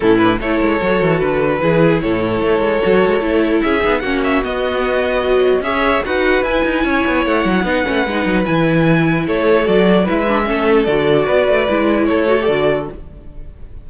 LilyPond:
<<
  \new Staff \with { instrumentName = "violin" } { \time 4/4 \tempo 4 = 149 a'8 b'8 cis''2 b'4~ | b'4 cis''2.~ | cis''4 e''4 fis''8 e''8 dis''4~ | dis''2 e''4 fis''4 |
gis''2 fis''2~ | fis''4 gis''2 cis''4 | d''4 e''2 d''4~ | d''2 cis''4 d''4 | }
  \new Staff \with { instrumentName = "violin" } { \time 4/4 e'4 a'2. | gis'4 a'2.~ | a'4 gis'4 fis'2~ | fis'2 cis''4 b'4~ |
b'4 cis''2 b'4~ | b'2. a'4~ | a'4 b'4 a'2 | b'2 a'2 | }
  \new Staff \with { instrumentName = "viola" } { \time 4/4 cis'8 d'8 e'4 fis'2 | e'2. fis'4 | e'4. dis'8 cis'4 b4~ | b4 fis4 gis'4 fis'4 |
e'2. dis'8 cis'8 | dis'4 e'2. | fis'4 e'8 d'8 cis'4 fis'4~ | fis'4 e'4. fis'16 g'16 fis'4 | }
  \new Staff \with { instrumentName = "cello" } { \time 4/4 a,4 a8 gis8 fis8 e8 d4 | e4 a,4 a8 gis8 fis8 gis8 | a4 cis'8 b8 ais4 b4~ | b2 cis'4 dis'4 |
e'8 dis'8 cis'8 b8 a8 fis8 b8 a8 | gis8 fis8 e2 a4 | fis4 gis4 a4 d4 | b8 a8 gis4 a4 d4 | }
>>